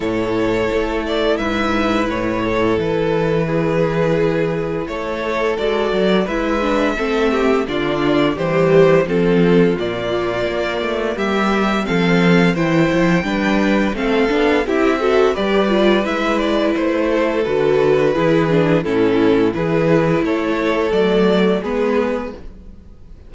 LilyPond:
<<
  \new Staff \with { instrumentName = "violin" } { \time 4/4 \tempo 4 = 86 cis''4. d''8 e''4 cis''4 | b'2. cis''4 | d''4 e''2 d''4 | c''4 a'4 d''2 |
e''4 f''4 g''2 | f''4 e''4 d''4 e''8 d''8 | c''4 b'2 a'4 | b'4 cis''4 d''4 b'4 | }
  \new Staff \with { instrumentName = "violin" } { \time 4/4 a'2 b'4. a'8~ | a'4 gis'2 a'4~ | a'4 b'4 a'8 g'8 f'4 | g'4 f'2. |
g'4 a'4 c''4 b'4 | a'4 g'8 a'8 b'2~ | b'8 a'4. gis'4 e'4 | gis'4 a'2 gis'4 | }
  \new Staff \with { instrumentName = "viola" } { \time 4/4 e'1~ | e'1 | fis'4 e'8 d'8 c'4 d'4 | g4 c'4 ais2~ |
ais4 c'4 e'4 d'4 | c'8 d'8 e'8 fis'8 g'8 f'8 e'4~ | e'4 fis'4 e'8 d'8 cis'4 | e'2 a4 b4 | }
  \new Staff \with { instrumentName = "cello" } { \time 4/4 a,4 a4 gis,4 a,4 | e2. a4 | gis8 fis8 gis4 a4 d4 | e4 f4 ais,4 ais8 a8 |
g4 f4 e8 f8 g4 | a8 b8 c'4 g4 gis4 | a4 d4 e4 a,4 | e4 a4 fis4 gis4 | }
>>